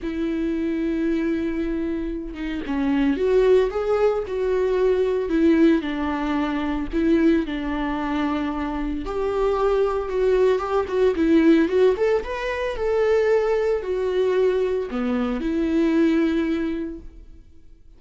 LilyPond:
\new Staff \with { instrumentName = "viola" } { \time 4/4 \tempo 4 = 113 e'1~ | e'8 dis'8 cis'4 fis'4 gis'4 | fis'2 e'4 d'4~ | d'4 e'4 d'2~ |
d'4 g'2 fis'4 | g'8 fis'8 e'4 fis'8 a'8 b'4 | a'2 fis'2 | b4 e'2. | }